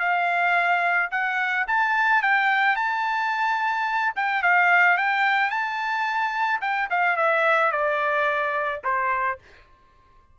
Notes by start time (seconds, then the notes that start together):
0.00 F5
1.12 F#5
1.68 A5
2.23 G5
2.76 A5
4.16 G5
4.43 F5
4.98 G5
5.51 A5
6.62 G5
6.91 F5
7.17 E5
7.72 D5
8.84 C5